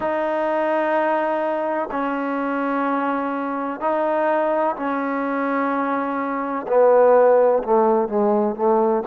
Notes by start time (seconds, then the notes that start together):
0.00 D#4
1.90 C#4
3.80 D#4
4.76 C#4
6.67 B3
7.63 A3
8.08 G#3
8.55 A3